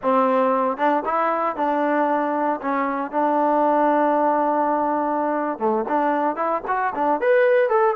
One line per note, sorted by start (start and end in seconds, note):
0.02 0.77 C4
0.77 1.03 D4
1.05 1.56 E4
1.56 2.60 D4
2.61 3.11 C#4
3.11 5.58 D4
5.58 5.84 A3
5.88 6.36 D4
6.36 6.62 E4
6.67 6.93 F#4
6.95 7.20 D4
7.20 7.69 B4
7.69 7.95 A4